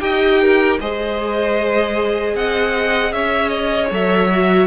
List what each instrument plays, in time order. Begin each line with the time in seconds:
0.00 cello D#4, viola G4, violin D#5 G5
0.42 violin A#4
0.80 cello G#3, viola G#4, violin C5 D#5
2.35 cello C4, violin D#5 F#5
3.13 cello C#4, violin C#5 E5
3.49 violin D#5
3.91 cello F#3, viola A4, violin E5
4.32 viola F#4